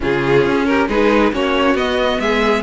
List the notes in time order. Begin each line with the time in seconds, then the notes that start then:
0.00 C#3 C#4 F4 G#4
0.45 C#4
0.66 G4 A#4
0.88 G#3 D#4 G#4 B4
1.32 A#3 C#4 F#4 C#5
1.74 B3 D#5
2.19 G#3 G#4 E5